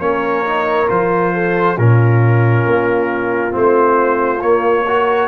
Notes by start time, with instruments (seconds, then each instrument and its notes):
0.00 tuba A#3, trombone C#4, horn A#4, trumpet C#5
0.45 trombone D#4
0.88 tuba F3, trombone F4, trumpet C5
1.34 horn A4
1.76 tuba A#2, trombone C#4, horn F4, trumpet A#4
2.66 tuba A#3
3.51 tuba A3, trombone C4
3.57 trumpet C5
4.41 trombone A#3, tuba A#3, trumpet C#5
4.86 trombone F#4, horn A#4